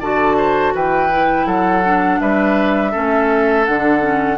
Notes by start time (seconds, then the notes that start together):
0.00 D3 F#4 D5 A5
0.37 C5
0.75 E3 B4 G5
1.10 E4
1.46 F#3 A4 F#5
1.85 D4
2.21 G3 B4 E5
2.91 A3 C#4 A4
3.66 D3 D4 F#5
4.01 C#4